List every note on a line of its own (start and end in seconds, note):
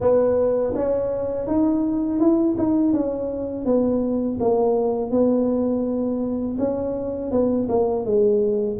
0.00 0.74 B3
0.75 1.47 C#4
1.47 2.19 D#4
2.19 2.56 E4
2.58 2.92 D#4
2.92 3.65 C#4
3.65 4.38 B3
4.40 5.11 A#3
5.11 6.57 B3
6.58 7.31 C#4
7.31 7.68 B3
7.68 8.05 A#3
8.05 8.78 G#3